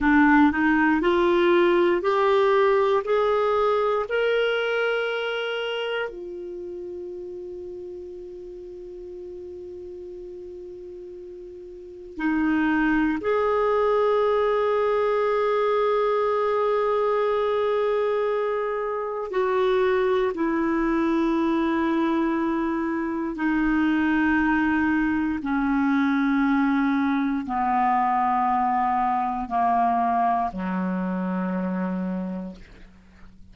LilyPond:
\new Staff \with { instrumentName = "clarinet" } { \time 4/4 \tempo 4 = 59 d'8 dis'8 f'4 g'4 gis'4 | ais'2 f'2~ | f'1 | dis'4 gis'2.~ |
gis'2. fis'4 | e'2. dis'4~ | dis'4 cis'2 b4~ | b4 ais4 fis2 | }